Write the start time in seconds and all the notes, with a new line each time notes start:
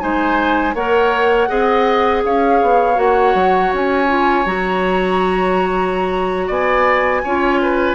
0.00 G#3 D#4 C5 G#5
0.74 A#3 A#4 C#5 F#5
1.48 C4 G#4 D#5
2.25 C#4 C#5 F5
2.62 B3
2.95 A#3 F#4 F#5
3.34 F#3
3.73 C#4 G#5
4.08 F4
4.46 F#3 F#4 A#5
6.47 B3 D5 G#5
7.24 C#4 F4 C#5
7.62 B4